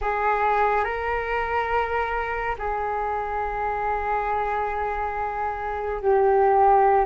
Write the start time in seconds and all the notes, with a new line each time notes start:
0.01 G#4
0.84 A#4
2.58 G#4
6.01 G4